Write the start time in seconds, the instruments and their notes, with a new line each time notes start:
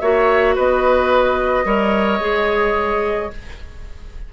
0.00 bassoon A#3, clarinet F#4, oboe C#5, flute E5
0.55 bassoon B3, oboe B4, flute D#5
1.65 bassoon G3, clarinet A#4, oboe C#5
2.20 bassoon G#3, clarinet G#4